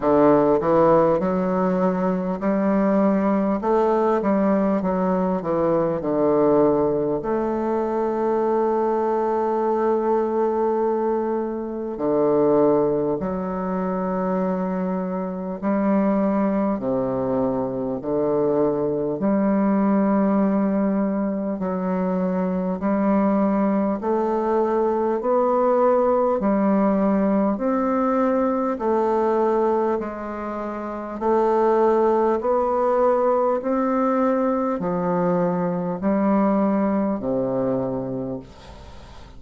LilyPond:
\new Staff \with { instrumentName = "bassoon" } { \time 4/4 \tempo 4 = 50 d8 e8 fis4 g4 a8 g8 | fis8 e8 d4 a2~ | a2 d4 fis4~ | fis4 g4 c4 d4 |
g2 fis4 g4 | a4 b4 g4 c'4 | a4 gis4 a4 b4 | c'4 f4 g4 c4 | }